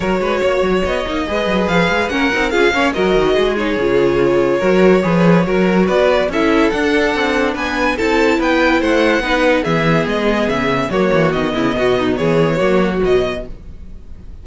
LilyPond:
<<
  \new Staff \with { instrumentName = "violin" } { \time 4/4 \tempo 4 = 143 cis''2 dis''2 | f''4 fis''4 f''4 dis''4~ | dis''8 cis''2.~ cis''8~ | cis''2 d''4 e''4 |
fis''2 gis''4 a''4 | g''4 fis''2 e''4 | dis''4 e''4 cis''4 dis''4~ | dis''4 cis''2 dis''4 | }
  \new Staff \with { instrumentName = "violin" } { \time 4/4 ais'8 b'8 cis''2 b'4~ | b'4 ais'4 gis'8 cis''8 ais'4 | gis'2. ais'4 | b'4 ais'4 b'4 a'4~ |
a'2 b'4 a'4 | b'4 c''4 b'4 gis'4~ | gis'2 fis'4. e'8 | fis'8 dis'8 gis'4 fis'2 | }
  \new Staff \with { instrumentName = "viola" } { \time 4/4 fis'2~ fis'8 dis'8 gis'4~ | gis'4 cis'8 dis'8 f'8 cis'8 fis'4~ | fis'8 dis'8 f'2 fis'4 | gis'4 fis'2 e'4 |
d'2. e'4~ | e'2 dis'4 b4~ | b2 ais4 b4~ | b2 ais4 fis4 | }
  \new Staff \with { instrumentName = "cello" } { \time 4/4 fis8 gis8 ais8 fis8 b8 ais8 gis8 fis8 | f8 gis8 ais8 c'8 cis'8 ais8 fis8 dis8 | gis4 cis2 fis4 | f4 fis4 b4 cis'4 |
d'4 c'4 b4 c'4 | b4 a4 b4 e4 | gis4 cis4 fis8 e8 dis8 cis8 | b,4 e4 fis4 b,4 | }
>>